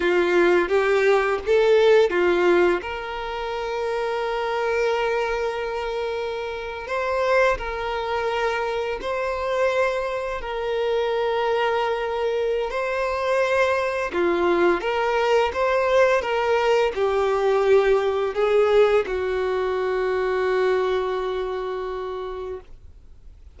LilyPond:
\new Staff \with { instrumentName = "violin" } { \time 4/4 \tempo 4 = 85 f'4 g'4 a'4 f'4 | ais'1~ | ais'4.~ ais'16 c''4 ais'4~ ais'16~ | ais'8. c''2 ais'4~ ais'16~ |
ais'2 c''2 | f'4 ais'4 c''4 ais'4 | g'2 gis'4 fis'4~ | fis'1 | }